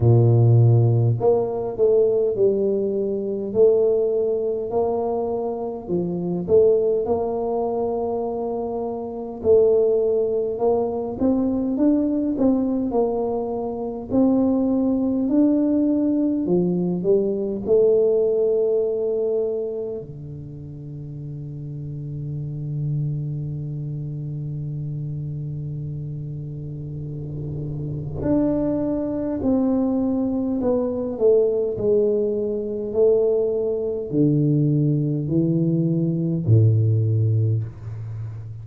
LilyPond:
\new Staff \with { instrumentName = "tuba" } { \time 4/4 \tempo 4 = 51 ais,4 ais8 a8 g4 a4 | ais4 f8 a8 ais2 | a4 ais8 c'8 d'8 c'8 ais4 | c'4 d'4 f8 g8 a4~ |
a4 d2.~ | d1 | d'4 c'4 b8 a8 gis4 | a4 d4 e4 a,4 | }